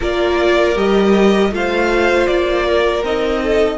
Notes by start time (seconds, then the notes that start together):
0.00 A#3 F4 A#4 D5
0.75 G3 G4 D#5
1.50 A3 F4 C5 F5
2.27 A#3 D5
2.66 A#4
3.03 C4 D#4 D#5
3.42 A4